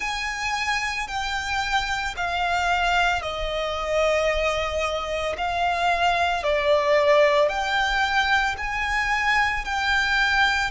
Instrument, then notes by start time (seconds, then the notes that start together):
violin
0.00 G#5
1.07 G5
2.16 F5
3.21 D#5
5.37 F5
6.43 D5
7.48 G5
8.57 G#5
9.64 G5